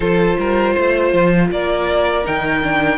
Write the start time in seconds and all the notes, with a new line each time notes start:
0.00 F3 F4 A4 C5
0.38 G3 A#4
0.73 A3 C5
1.13 F3
1.50 A#3 A#4 D5
2.24 D#3 D#4 G5
2.62 D4